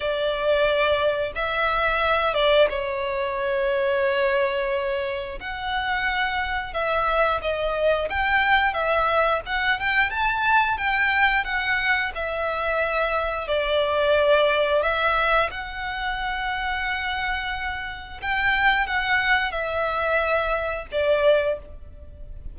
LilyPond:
\new Staff \with { instrumentName = "violin" } { \time 4/4 \tempo 4 = 89 d''2 e''4. d''8 | cis''1 | fis''2 e''4 dis''4 | g''4 e''4 fis''8 g''8 a''4 |
g''4 fis''4 e''2 | d''2 e''4 fis''4~ | fis''2. g''4 | fis''4 e''2 d''4 | }